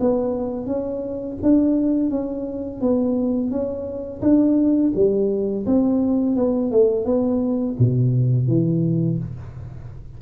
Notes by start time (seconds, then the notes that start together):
0.00 B3
0.66 C#4
1.42 D4
2.10 C#4
2.81 B3
3.51 C#4
4.22 D4
4.95 G3
5.66 C4
6.36 B3
6.71 A3
7.05 B3
7.79 B2
8.48 E3